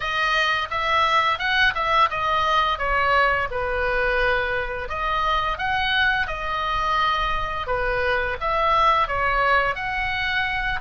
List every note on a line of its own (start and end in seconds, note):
0.00 0.68 D#5
0.70 1.38 E5
1.38 1.73 F#5
1.74 2.09 E5
2.10 2.78 D#5
2.78 3.48 C#5
3.50 4.88 B4
4.88 5.58 D#5
5.58 6.27 F#5
6.27 7.66 D#5
7.66 8.36 B4
8.40 9.07 E5
9.07 9.75 C#5
9.75 10.79 F#5